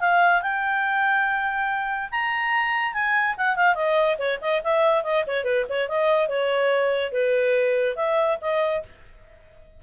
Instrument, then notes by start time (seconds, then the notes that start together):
clarinet
0.00 F5
0.42 G5
2.11 A#5
2.94 G#5
3.37 F#5
3.56 F5
3.75 D#5
4.18 C#5
4.41 D#5
4.64 E5
5.03 D#5
5.27 C#5
5.44 B4
5.69 C#5
5.88 D#5
6.28 C#5
7.12 B4
7.96 E5
8.41 D#5